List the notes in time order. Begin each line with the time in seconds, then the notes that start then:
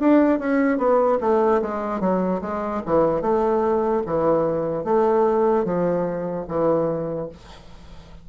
0.00 D4
0.39 C#4
0.78 B3
1.21 A3
1.62 G#3
2.00 F#3
2.42 G#3
2.86 E3
3.22 A3
4.07 E3
4.85 A3
5.65 F3
6.48 E3